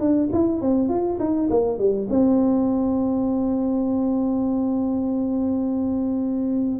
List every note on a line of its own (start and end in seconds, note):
0.00 0.29 D4
0.33 0.61 E4
0.61 0.89 C4
0.89 1.18 F4
1.20 1.49 D#4
1.50 1.78 A#3
1.78 2.08 G3
2.10 6.80 C4